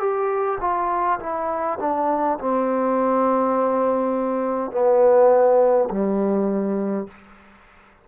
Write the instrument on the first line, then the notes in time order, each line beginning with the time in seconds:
trombone
0.00 G4
0.60 F4
1.20 E4
1.80 D4
2.40 C4
4.72 B3
5.90 G3